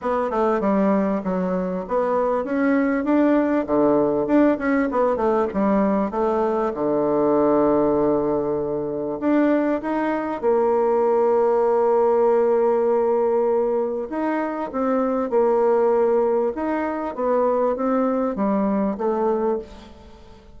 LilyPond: \new Staff \with { instrumentName = "bassoon" } { \time 4/4 \tempo 4 = 98 b8 a8 g4 fis4 b4 | cis'4 d'4 d4 d'8 cis'8 | b8 a8 g4 a4 d4~ | d2. d'4 |
dis'4 ais2.~ | ais2. dis'4 | c'4 ais2 dis'4 | b4 c'4 g4 a4 | }